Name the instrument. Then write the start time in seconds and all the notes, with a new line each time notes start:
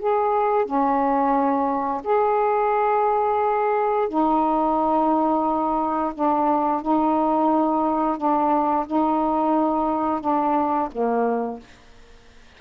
saxophone
0.00 G#4
0.66 C#4
2.05 G#4
4.09 D#4
6.15 D4
6.82 D#4
8.18 D4
8.87 D#4
10.21 D4
10.92 A#3